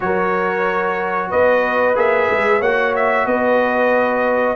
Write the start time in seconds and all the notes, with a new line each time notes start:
0.00 F#3 F#4 A#4 C#5
1.29 B3 B4 D#5
1.95 A#3 G#4 E5
2.30 G#3
2.60 A#3 F#4 C#5 F#5
2.95 E5
3.26 B3 B4 D#5